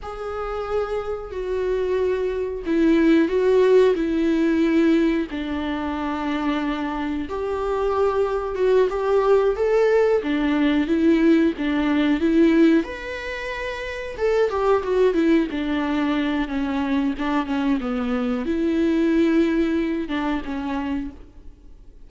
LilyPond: \new Staff \with { instrumentName = "viola" } { \time 4/4 \tempo 4 = 91 gis'2 fis'2 | e'4 fis'4 e'2 | d'2. g'4~ | g'4 fis'8 g'4 a'4 d'8~ |
d'8 e'4 d'4 e'4 b'8~ | b'4. a'8 g'8 fis'8 e'8 d'8~ | d'4 cis'4 d'8 cis'8 b4 | e'2~ e'8 d'8 cis'4 | }